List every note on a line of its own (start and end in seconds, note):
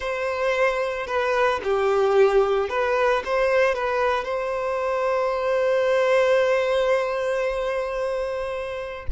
0.00 1.06 C5
1.06 1.60 B4
1.63 2.69 G4
2.69 3.22 B4
3.25 3.75 C5
3.75 4.24 B4
4.24 9.06 C5